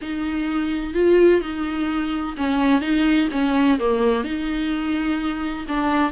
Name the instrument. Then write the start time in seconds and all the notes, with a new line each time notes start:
viola
0.01 D#4
0.93 F4
1.41 D#4
2.37 C#4
2.81 D#4
3.31 C#4
3.79 A#3
4.23 D#4
5.68 D4